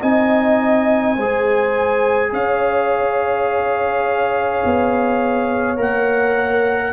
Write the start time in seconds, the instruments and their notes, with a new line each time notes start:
0.00 tuba C4, trombone D#4, horn D#5, trumpet G#5
1.16 tuba G#3, trombone G#4, horn C5
2.33 tuba C#4, horn C#5, trumpet F5
4.65 tuba B3
5.77 tuba A#3, trombone A#4, trumpet F#5